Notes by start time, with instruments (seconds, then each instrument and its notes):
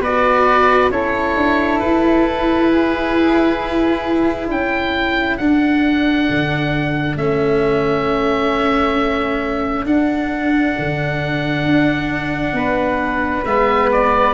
0.00 tuba B3, cello F#4, flute B4, oboe D5
0.90 tuba C#4, cello E4, flute A4, oboe C#5
1.36 tuba D4
1.79 tuba E4, oboe B4
2.71 flute G#4
4.49 tuba C#4, flute A4, oboe G5
5.37 tuba D4, cello D4, oboe F#5
6.29 tuba D3
7.16 tuba A3, cello C#4, oboe E5
9.85 tuba D4, cello D4, oboe F#5
10.78 tuba D3
11.65 tuba D4
12.52 tuba B3, flute B4
13.45 tuba G#3, cello B3, oboe E5
13.91 oboe D5